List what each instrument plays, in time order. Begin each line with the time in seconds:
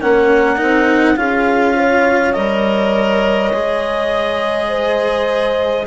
0.00 bassoon A#3, cello C#4, horn A#4, clarinet F#5
0.56 bassoon C4, cello D#4
1.16 bassoon C#4, cello F4, horn G#4, clarinet F5
1.77 horn C#5
2.33 bassoon G3, cello A#4, clarinet D#5
3.52 bassoon G#3, cello G#4
4.69 horn C5